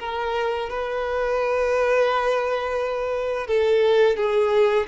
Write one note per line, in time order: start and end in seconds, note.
0.00 0.70 A#4
0.70 3.48 B4
3.48 4.17 A4
4.17 4.87 G#4